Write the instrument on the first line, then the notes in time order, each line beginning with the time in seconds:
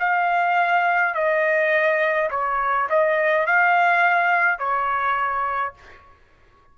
trumpet
0.00 F5
1.14 D#5
2.31 C#5
2.90 D#5
3.47 F5
4.59 C#5